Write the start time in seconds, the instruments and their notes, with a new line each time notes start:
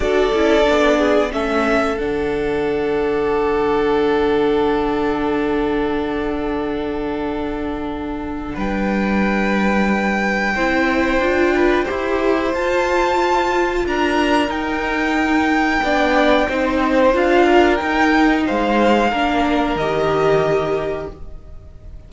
0.00 cello D4, viola F#4, violin A4 D5
0.33 cello C#4, viola E4
0.63 cello B3, viola D4
0.97 violin G#4
1.31 cello A3, viola C#4, violin A4 E5
1.97 cello D3, viola D4, violin F#5
8.55 cello G3, violin B4 G5
10.55 cello C4, viola E4, violin C5
11.19 cello D4, viola F4
11.55 violin B4
11.84 cello E4, viola G4, violin C5
12.53 cello F4, viola F4, violin A5
13.85 cello D4, violin A#4 A#5
14.48 viola D#4, cello D#4, violin G5
15.82 cello B3, viola D4, violin D5
16.48 cello C4, viola D#4, violin C5
17.13 cello D4, viola F4, violin F5
17.45 violin A#4
17.75 viola D#4, cello D#4, violin G5
18.46 cello G#3, violin C5 F5
19.10 cello A#3, viola D4, violin A#4
19.75 cello D#3, viola G4, violin D#5